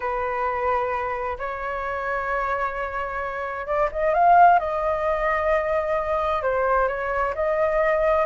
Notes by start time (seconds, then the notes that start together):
0.00 B4
1.38 C#5
3.66 D5
3.91 D#5
4.14 F5
4.59 D#5
6.42 C5
6.88 C#5
7.34 D#5